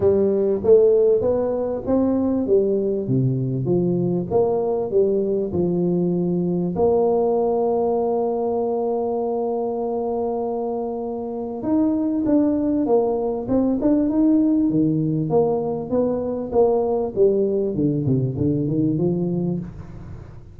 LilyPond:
\new Staff \with { instrumentName = "tuba" } { \time 4/4 \tempo 4 = 98 g4 a4 b4 c'4 | g4 c4 f4 ais4 | g4 f2 ais4~ | ais1~ |
ais2. dis'4 | d'4 ais4 c'8 d'8 dis'4 | dis4 ais4 b4 ais4 | g4 d8 c8 d8 dis8 f4 | }